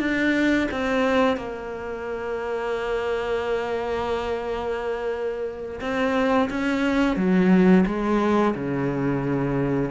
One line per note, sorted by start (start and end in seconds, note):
0.00 0.68 D4
0.72 1.37 C4
1.37 5.80 A#3
5.81 6.50 C4
6.51 7.17 C#4
7.17 7.85 F#3
7.87 8.55 G#3
8.55 9.91 C#3